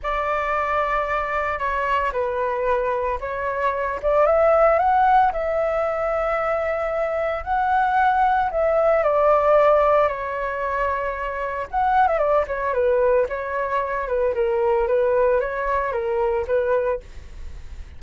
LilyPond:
\new Staff \with { instrumentName = "flute" } { \time 4/4 \tempo 4 = 113 d''2. cis''4 | b'2 cis''4. d''8 | e''4 fis''4 e''2~ | e''2 fis''2 |
e''4 d''2 cis''4~ | cis''2 fis''8. e''16 d''8 cis''8 | b'4 cis''4. b'8 ais'4 | b'4 cis''4 ais'4 b'4 | }